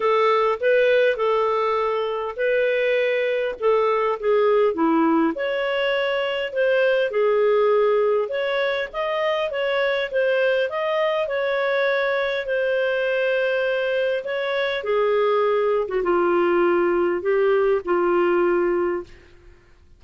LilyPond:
\new Staff \with { instrumentName = "clarinet" } { \time 4/4 \tempo 4 = 101 a'4 b'4 a'2 | b'2 a'4 gis'4 | e'4 cis''2 c''4 | gis'2 cis''4 dis''4 |
cis''4 c''4 dis''4 cis''4~ | cis''4 c''2. | cis''4 gis'4.~ gis'16 fis'16 f'4~ | f'4 g'4 f'2 | }